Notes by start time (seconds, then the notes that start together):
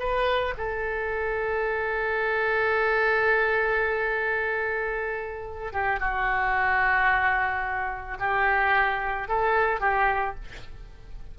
0.00 B4
0.58 A4
5.73 G4
6.00 F#4
8.20 G4
9.29 A4
9.81 G4